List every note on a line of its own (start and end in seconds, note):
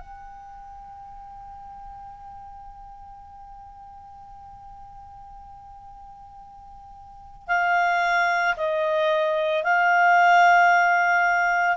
0.00 7.48 G5
7.48 8.55 F5
8.56 9.63 D#5
9.63 11.77 F5